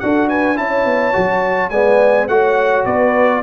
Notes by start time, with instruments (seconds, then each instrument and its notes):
0.00 tuba D4, trombone F#4, horn A4, trumpet F#5
0.29 horn B4, trumpet G#5
0.56 tuba C#4, trombone E4, horn C#5, trumpet A5
0.85 tuba B3
1.13 tuba F#3, trombone F#4
1.70 tuba G#3, trombone B3, horn D5, trumpet G#5
2.28 tuba A3, trombone F#4, horn C#5, trumpet F#5
2.86 tuba B3, horn B4, trumpet D5